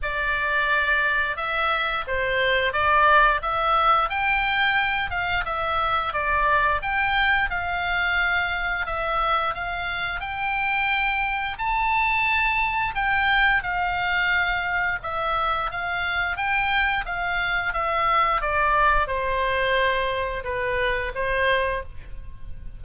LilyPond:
\new Staff \with { instrumentName = "oboe" } { \time 4/4 \tempo 4 = 88 d''2 e''4 c''4 | d''4 e''4 g''4. f''8 | e''4 d''4 g''4 f''4~ | f''4 e''4 f''4 g''4~ |
g''4 a''2 g''4 | f''2 e''4 f''4 | g''4 f''4 e''4 d''4 | c''2 b'4 c''4 | }